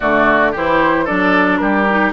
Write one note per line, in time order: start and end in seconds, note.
0.00 0.55 D3
0.00 0.54 A3
0.00 0.52 F#4
0.00 0.53 D5
0.52 1.08 E3
0.52 1.06 E4
0.52 1.05 G4
0.52 1.06 C5
1.05 1.60 F#3
1.05 1.87 D4
1.05 1.58 A4
1.05 1.57 D5
1.57 2.12 G3
1.57 2.12 G4
1.57 2.10 A#4
1.89 2.12 D#4